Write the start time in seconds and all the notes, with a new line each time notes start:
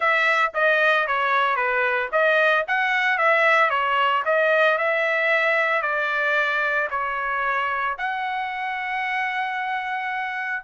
0.00 E5
0.54 D#5
1.07 C#5
1.56 B4
2.12 D#5
2.67 F#5
3.17 E5
3.70 C#5
4.25 D#5
4.77 E5
5.82 D5
6.90 C#5
7.98 F#5